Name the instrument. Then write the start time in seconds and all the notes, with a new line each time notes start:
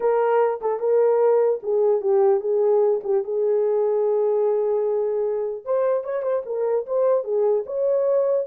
horn
0.00 A#4
0.61 A4
0.79 A#4
1.62 G#4
2.01 G4
2.40 G#4
3.03 G4
3.23 G#4
5.64 C5
6.04 C#5
6.22 C5
6.45 A#4
6.86 C5
7.23 G#4
7.66 C#5